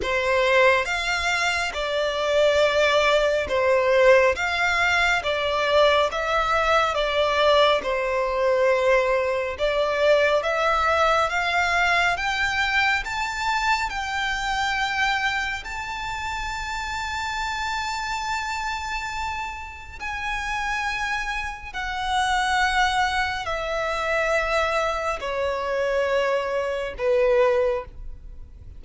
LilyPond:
\new Staff \with { instrumentName = "violin" } { \time 4/4 \tempo 4 = 69 c''4 f''4 d''2 | c''4 f''4 d''4 e''4 | d''4 c''2 d''4 | e''4 f''4 g''4 a''4 |
g''2 a''2~ | a''2. gis''4~ | gis''4 fis''2 e''4~ | e''4 cis''2 b'4 | }